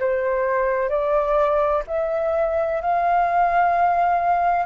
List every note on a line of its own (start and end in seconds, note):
0.00 0.89 C5
0.89 1.83 D5
1.87 2.81 E5
2.81 4.66 F5